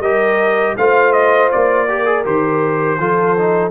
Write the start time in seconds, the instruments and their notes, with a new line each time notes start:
0.00 tuba G3, trombone G4, horn A#4, trumpet D#5
0.77 tuba A3, trombone F4, horn C5, trumpet F5
1.12 trumpet D#5
1.51 tuba A#3, trumpet D5
1.88 trombone G4, horn A#4
2.05 trombone G#4
2.24 tuba D#3, trombone G4, trumpet C5
2.99 tuba F3, trombone F4, horn A4
3.37 trombone D#4